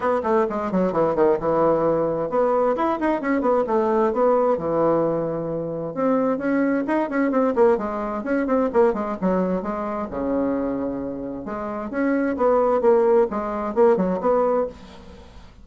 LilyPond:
\new Staff \with { instrumentName = "bassoon" } { \time 4/4 \tempo 4 = 131 b8 a8 gis8 fis8 e8 dis8 e4~ | e4 b4 e'8 dis'8 cis'8 b8 | a4 b4 e2~ | e4 c'4 cis'4 dis'8 cis'8 |
c'8 ais8 gis4 cis'8 c'8 ais8 gis8 | fis4 gis4 cis2~ | cis4 gis4 cis'4 b4 | ais4 gis4 ais8 fis8 b4 | }